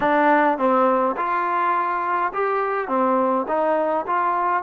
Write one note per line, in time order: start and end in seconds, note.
0.00 0.57 D4
0.58 1.15 C4
1.16 2.32 F4
2.33 2.88 G4
2.88 3.45 C4
3.47 4.05 D#4
4.06 4.63 F4